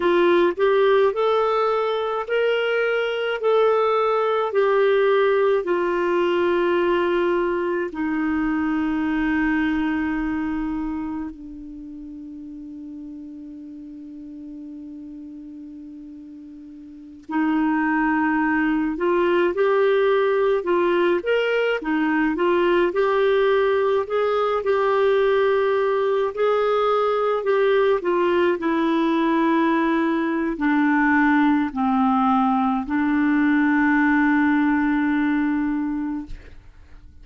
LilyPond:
\new Staff \with { instrumentName = "clarinet" } { \time 4/4 \tempo 4 = 53 f'8 g'8 a'4 ais'4 a'4 | g'4 f'2 dis'4~ | dis'2 d'2~ | d'2.~ d'16 dis'8.~ |
dis'8. f'8 g'4 f'8 ais'8 dis'8 f'16~ | f'16 g'4 gis'8 g'4. gis'8.~ | gis'16 g'8 f'8 e'4.~ e'16 d'4 | c'4 d'2. | }